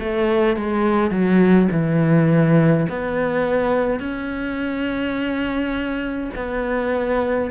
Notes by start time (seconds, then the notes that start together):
0.00 A3
0.57 G#3
1.11 F#3
1.72 E3
2.90 B3
4.00 C#4
6.36 B3